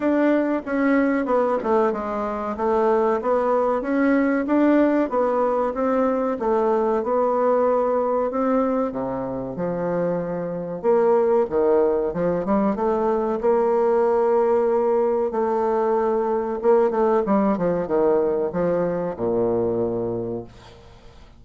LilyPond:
\new Staff \with { instrumentName = "bassoon" } { \time 4/4 \tempo 4 = 94 d'4 cis'4 b8 a8 gis4 | a4 b4 cis'4 d'4 | b4 c'4 a4 b4~ | b4 c'4 c4 f4~ |
f4 ais4 dis4 f8 g8 | a4 ais2. | a2 ais8 a8 g8 f8 | dis4 f4 ais,2 | }